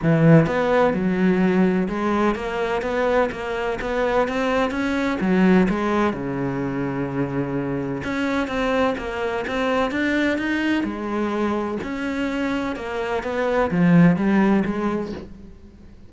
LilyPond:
\new Staff \with { instrumentName = "cello" } { \time 4/4 \tempo 4 = 127 e4 b4 fis2 | gis4 ais4 b4 ais4 | b4 c'4 cis'4 fis4 | gis4 cis2.~ |
cis4 cis'4 c'4 ais4 | c'4 d'4 dis'4 gis4~ | gis4 cis'2 ais4 | b4 f4 g4 gis4 | }